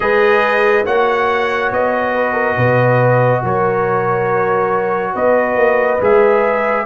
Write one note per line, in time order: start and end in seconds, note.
0.00 0.86 G#3
0.00 0.84 G#4
0.00 0.85 B4
0.00 0.85 D#5
0.85 1.71 A#3
0.85 5.99 F#4
0.85 2.14 C#5
0.85 1.71 F#5
1.71 2.56 B3
1.71 3.44 D#5
2.14 2.32 B4
2.32 2.54 A#4
2.56 3.42 B2
2.56 3.42 B4
3.42 5.14 F#3
3.42 5.13 A#4
3.42 5.15 C#5
5.13 5.56 B3
5.13 6.84 B4
5.13 6.01 D#5
5.56 5.99 A#3
6.00 6.85 G#3
6.00 6.85 G#4
6.00 6.85 E5